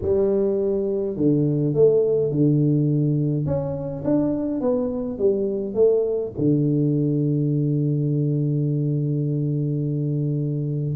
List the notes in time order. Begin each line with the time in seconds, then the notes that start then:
0.01 G3
1.16 D3
1.74 A3
2.31 D3
3.46 C#4
4.04 D4
4.60 B3
5.18 G3
5.74 A3
6.38 D3